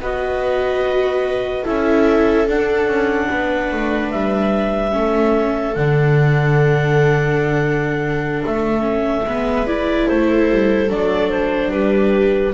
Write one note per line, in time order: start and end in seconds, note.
0.00 1.64 B3
0.00 1.65 F#4
0.00 1.65 B4
0.00 1.66 D#5
1.65 2.49 C#4
1.65 2.47 E4
1.65 3.29 A4
1.65 2.48 E5
2.49 4.91 D4
2.49 2.87 D4
2.49 4.11 F#5
2.87 3.28 C#4
3.29 3.72 B3
3.29 4.94 B4
3.72 4.13 A3
4.11 4.95 G3
4.11 5.75 E5
4.91 5.76 A3
4.91 5.74 C#4
4.91 9.27 A4
5.75 8.43 D3
5.75 8.80 D4
5.75 8.42 F#5
8.46 9.24 A3
8.46 9.67 E5
8.80 9.22 C#4
9.24 10.07 G#3
9.24 9.67 B3
9.24 10.08 B4
9.67 10.89 E4
9.67 10.08 D5
10.08 10.51 A3
10.08 11.72 A4
10.08 10.91 C5
10.51 10.90 G3
10.89 11.71 F#3
10.89 12.54 D4
10.89 11.30 D5
11.30 11.72 C5
11.71 12.53 G3
11.71 12.54 G4
11.71 12.54 B4